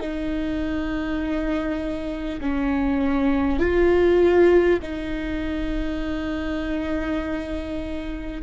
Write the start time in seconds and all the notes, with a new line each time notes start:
0.00 D#4
2.41 C#4
3.59 F4
4.82 D#4